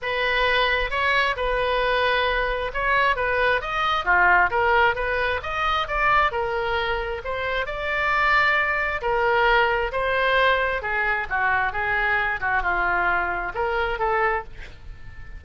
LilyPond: \new Staff \with { instrumentName = "oboe" } { \time 4/4 \tempo 4 = 133 b'2 cis''4 b'4~ | b'2 cis''4 b'4 | dis''4 f'4 ais'4 b'4 | dis''4 d''4 ais'2 |
c''4 d''2. | ais'2 c''2 | gis'4 fis'4 gis'4. fis'8 | f'2 ais'4 a'4 | }